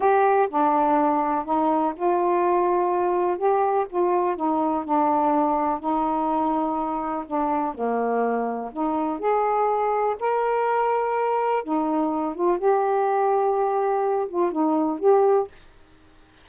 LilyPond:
\new Staff \with { instrumentName = "saxophone" } { \time 4/4 \tempo 4 = 124 g'4 d'2 dis'4 | f'2. g'4 | f'4 dis'4 d'2 | dis'2. d'4 |
ais2 dis'4 gis'4~ | gis'4 ais'2. | dis'4. f'8 g'2~ | g'4. f'8 dis'4 g'4 | }